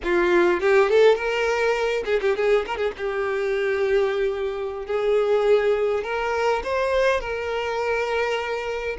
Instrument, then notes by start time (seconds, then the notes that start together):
violin
0.03 F4
0.60 G4
0.89 A4
1.15 A#4
2.05 G#4
2.21 G4
2.36 G#4
2.66 A#4
2.76 G#4
2.97 G4
4.86 G#4
6.03 A#4
6.63 C5
7.20 A#4